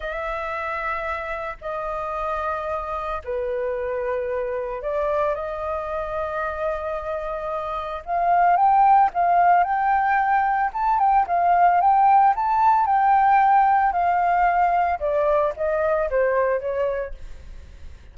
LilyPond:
\new Staff \with { instrumentName = "flute" } { \time 4/4 \tempo 4 = 112 e''2. dis''4~ | dis''2 b'2~ | b'4 d''4 dis''2~ | dis''2. f''4 |
g''4 f''4 g''2 | a''8 g''8 f''4 g''4 a''4 | g''2 f''2 | d''4 dis''4 c''4 cis''4 | }